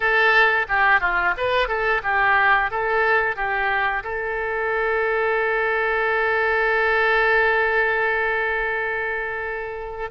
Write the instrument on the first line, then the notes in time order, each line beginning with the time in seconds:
oboe
0.00 A4
0.68 G4
1.00 F4
1.37 B4
1.67 A4
2.03 G4
2.70 A4
3.36 G4
4.03 A4